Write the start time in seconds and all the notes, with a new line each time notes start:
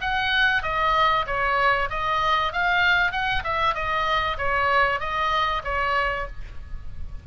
0.00 F#5
0.62 D#5
1.26 C#5
1.89 D#5
2.52 F5
3.11 F#5
3.43 E5
3.74 D#5
4.38 C#5
4.99 D#5
5.64 C#5